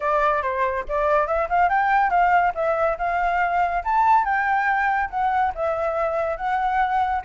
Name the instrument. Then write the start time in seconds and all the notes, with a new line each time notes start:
flute
0.00 D5
0.42 C5
0.88 D5
1.27 E5
1.49 F5
1.69 G5
2.10 F5
2.55 E5
2.98 F5
3.84 A5
4.24 G5
5.10 F#5
5.55 E5
6.37 F#5